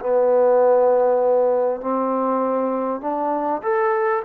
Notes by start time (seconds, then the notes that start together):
0.00 B3
1.80 C4
3.01 D4
3.62 A4